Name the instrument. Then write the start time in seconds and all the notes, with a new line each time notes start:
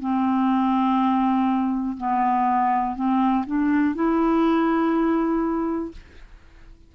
clarinet
0.00 C4
1.97 B3
2.96 C4
3.46 D4
3.95 E4